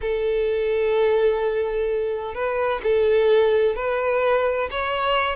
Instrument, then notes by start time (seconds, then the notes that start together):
violin
0.01 A4
2.34 B4
2.83 A4
3.75 B4
4.70 C#5